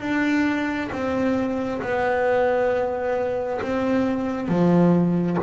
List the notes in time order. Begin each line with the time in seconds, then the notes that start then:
0.00 D4
0.92 C4
1.82 B3
3.61 C4
4.48 F3